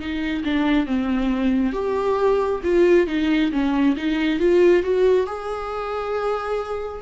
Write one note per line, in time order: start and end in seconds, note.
0.00 0.44 D#4
0.45 0.87 D4
0.87 1.73 C4
1.73 2.61 G4
2.64 3.08 F4
3.08 3.52 D#4
3.52 3.96 C#4
3.97 4.40 D#4
4.40 4.83 F4
4.83 5.27 F#4
5.27 7.03 G#4